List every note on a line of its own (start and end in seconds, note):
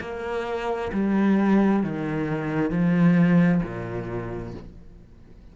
0.00 0.91 A#3
0.93 1.83 G3
1.83 2.70 D#3
2.70 3.61 F3
3.63 4.54 A#2